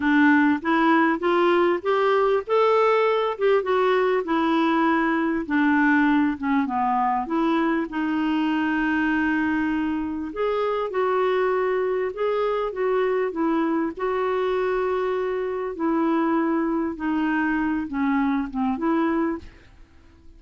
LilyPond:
\new Staff \with { instrumentName = "clarinet" } { \time 4/4 \tempo 4 = 99 d'4 e'4 f'4 g'4 | a'4. g'8 fis'4 e'4~ | e'4 d'4. cis'8 b4 | e'4 dis'2.~ |
dis'4 gis'4 fis'2 | gis'4 fis'4 e'4 fis'4~ | fis'2 e'2 | dis'4. cis'4 c'8 e'4 | }